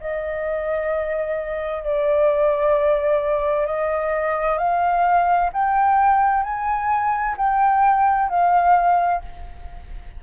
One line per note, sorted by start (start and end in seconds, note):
0.00 1.83 D#5
1.83 3.66 D5
3.66 4.57 D#5
4.57 5.50 F5
5.53 6.43 G5
6.43 7.35 G#5
7.37 8.29 G5
8.29 9.21 F5